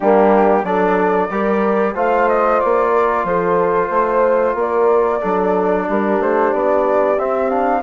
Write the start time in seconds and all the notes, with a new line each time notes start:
0.00 G3 A#3 D4 G4
0.63 F#3 D4 A4 D5
1.29 G3 G4 A#4
1.93 A3 F4 C5 F5
2.28 D#5
2.60 A#3 D5
2.92 A#4
3.24 F3 A4 C5
3.89 A3 C5
4.54 A#3 A#4 D5
5.20 F#3 D4 A4
5.87 G3 G4 A#4
6.19 A3 C5
6.53 B3 D5
7.18 C4 E5
7.49 D4 F5